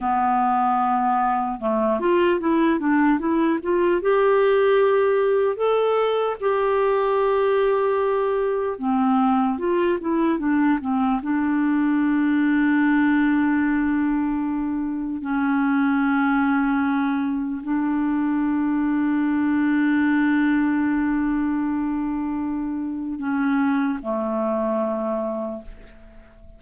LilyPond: \new Staff \with { instrumentName = "clarinet" } { \time 4/4 \tempo 4 = 75 b2 a8 f'8 e'8 d'8 | e'8 f'8 g'2 a'4 | g'2. c'4 | f'8 e'8 d'8 c'8 d'2~ |
d'2. cis'4~ | cis'2 d'2~ | d'1~ | d'4 cis'4 a2 | }